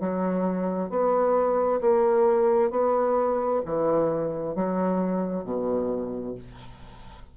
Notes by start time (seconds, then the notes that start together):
0.00 F#3
0.90 B3
1.81 A#3
2.70 B3
3.65 E3
4.55 F#3
5.44 B2